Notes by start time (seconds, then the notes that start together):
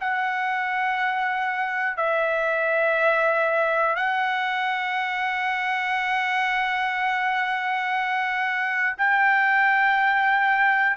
0.00 F#5
1.97 E5
3.95 F#5
8.97 G5